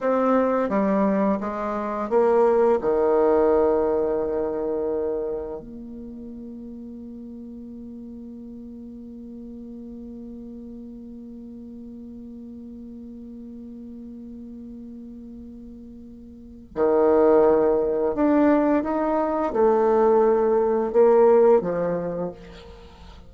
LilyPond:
\new Staff \with { instrumentName = "bassoon" } { \time 4/4 \tempo 4 = 86 c'4 g4 gis4 ais4 | dis1 | ais1~ | ais1~ |
ais1~ | ais1 | dis2 d'4 dis'4 | a2 ais4 f4 | }